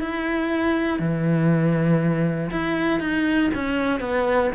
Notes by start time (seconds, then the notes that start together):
0.00 E4
0.99 E3
2.51 E4
3.00 D#4
3.54 C#4
4.00 B3